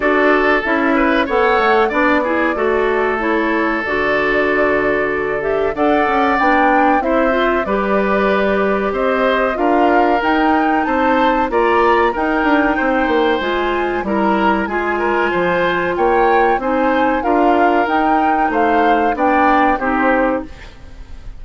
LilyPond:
<<
  \new Staff \with { instrumentName = "flute" } { \time 4/4 \tempo 4 = 94 d''4 e''4 fis''4 d''4~ | d''4 cis''4 d''2~ | d''8 e''8 fis''4 g''4 e''4 | d''2 dis''4 f''4 |
g''4 a''4 ais''4 g''4~ | g''4 gis''4 ais''4 gis''4~ | gis''4 g''4 gis''4 f''4 | g''4 f''4 g''4 c''4 | }
  \new Staff \with { instrumentName = "oboe" } { \time 4/4 a'4. b'8 cis''4 d''8 gis'8 | a'1~ | a'4 d''2 c''4 | b'2 c''4 ais'4~ |
ais'4 c''4 d''4 ais'4 | c''2 ais'4 gis'8 ais'8 | c''4 cis''4 c''4 ais'4~ | ais'4 c''4 d''4 g'4 | }
  \new Staff \with { instrumentName = "clarinet" } { \time 4/4 fis'4 e'4 a'4 d'8 e'8 | fis'4 e'4 fis'2~ | fis'8 g'8 a'4 d'4 e'8 f'8 | g'2. f'4 |
dis'2 f'4 dis'4~ | dis'4 f'4 e'4 f'4~ | f'2 dis'4 f'4 | dis'2 d'4 dis'4 | }
  \new Staff \with { instrumentName = "bassoon" } { \time 4/4 d'4 cis'4 b8 a8 b4 | a2 d2~ | d4 d'8 cis'8 b4 c'4 | g2 c'4 d'4 |
dis'4 c'4 ais4 dis'8 d'8 | c'8 ais8 gis4 g4 gis4 | f4 ais4 c'4 d'4 | dis'4 a4 b4 c'4 | }
>>